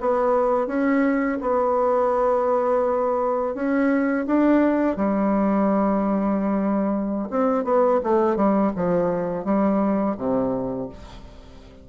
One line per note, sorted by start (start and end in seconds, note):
0.00 0.67 B3
0.67 1.38 C#4
1.41 3.54 B3
3.54 4.26 C#4
4.26 4.96 D4
4.96 7.28 G3
7.30 7.64 C4
7.64 8.00 B3
8.03 8.36 A3
8.36 8.71 G3
8.75 9.44 F3
9.44 10.15 G3
10.17 10.88 C3